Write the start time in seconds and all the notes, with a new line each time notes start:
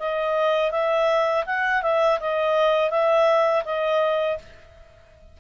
0.00 D#5
0.72 E5
1.46 F#5
1.83 E5
2.21 D#5
2.91 E5
3.65 D#5